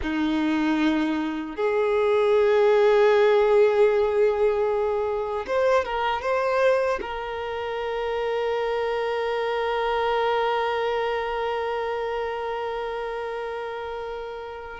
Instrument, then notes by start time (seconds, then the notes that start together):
violin
0.01 D#4
1.55 G#4
5.46 C5
5.84 A#4
6.21 C5
7.01 A#4